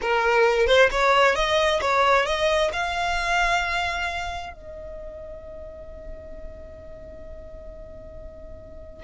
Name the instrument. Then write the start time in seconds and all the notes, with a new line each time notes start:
violin
0.01 A#4
0.66 C5
0.91 C#5
1.35 D#5
1.81 C#5
2.25 D#5
2.73 F5
4.53 D#5